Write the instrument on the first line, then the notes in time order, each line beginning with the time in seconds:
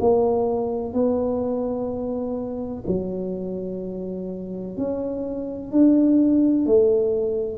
tuba
0.00 A#3
0.93 B3
2.87 F#3
4.77 C#4
5.72 D4
6.66 A3